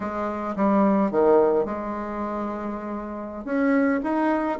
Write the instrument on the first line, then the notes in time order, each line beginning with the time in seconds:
bassoon
0.00 G#3
0.56 G3
1.11 D#3
1.65 G#3
3.44 C#4
4.03 D#4